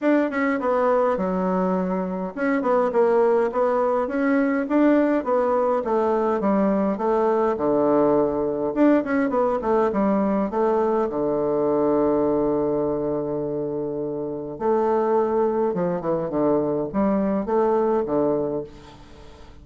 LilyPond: \new Staff \with { instrumentName = "bassoon" } { \time 4/4 \tempo 4 = 103 d'8 cis'8 b4 fis2 | cis'8 b8 ais4 b4 cis'4 | d'4 b4 a4 g4 | a4 d2 d'8 cis'8 |
b8 a8 g4 a4 d4~ | d1~ | d4 a2 f8 e8 | d4 g4 a4 d4 | }